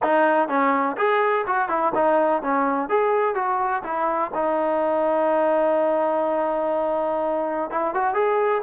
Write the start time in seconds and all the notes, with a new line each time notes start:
0.02 D#4
0.48 C#4
0.97 G#4
1.47 F#4
1.68 E4
1.94 D#4
2.42 C#4
2.89 G#4
3.34 F#4
3.83 E4
4.34 D#4
7.70 E4
7.94 F#4
8.14 G#4